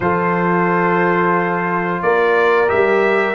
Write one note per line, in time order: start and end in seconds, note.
0.00 2.01 F3
0.00 2.67 F4
0.00 2.02 A4
0.00 2.02 C5
2.02 2.70 A#3
2.02 3.34 A#4
2.02 2.69 D5
2.67 3.34 G3
2.67 3.34 G4
2.67 3.34 E5